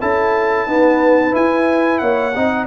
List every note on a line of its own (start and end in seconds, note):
0.00 0.67 C#4
0.00 0.68 E4
0.00 0.67 A4
0.00 1.36 A5
0.67 1.32 B3
0.67 1.34 D#4
0.67 2.02 B4
1.32 2.33 E4
1.32 2.02 E4
1.32 1.99 G#5
1.99 2.36 A#3
1.99 2.35 C#5
1.99 2.66 F#5
2.35 2.67 C4
2.35 2.67 D#4
2.35 2.67 D#5